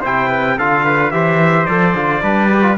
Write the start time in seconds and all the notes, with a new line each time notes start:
0.00 C3 E4 C5 G5
0.28 B4
0.58 D3 F4 A4 F5
0.84 B4
1.11 E3 G4 C5 E5
1.66 F3 A4 D5
1.94 D3 F4
2.22 G3 D4 B4
2.53 G4
2.63 F4